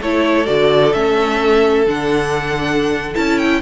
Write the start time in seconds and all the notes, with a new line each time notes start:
0.00 A3 E4 A4 C#5
0.45 D3 F#4 D5
0.92 A3 C#4 E5
1.86 D3 D4 F#5
3.15 C#4 E4 A5
3.38 G5